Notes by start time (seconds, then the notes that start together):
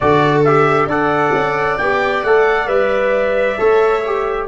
0.00 D3 F#4 A4 D5
0.44 G4 E5
0.86 D4 A4 D5 F#5
1.33 C#4
1.78 B3 G4 G5
2.23 A3 A4 F#5
2.67 G3 B4 E5
3.56 A3 A4 C#5
4.05 G4